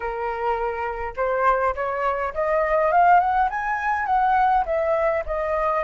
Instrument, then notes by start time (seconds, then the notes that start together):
flute
0.00 A#4
1.16 C5
1.75 C#5
2.34 D#5
2.91 F5
3.20 F#5
3.50 G#5
4.06 F#5
4.65 E5
5.26 D#5